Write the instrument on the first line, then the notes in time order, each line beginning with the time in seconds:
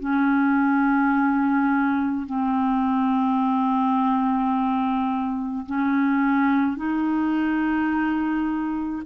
clarinet
0.00 C#4
2.26 C4
5.66 C#4
6.77 D#4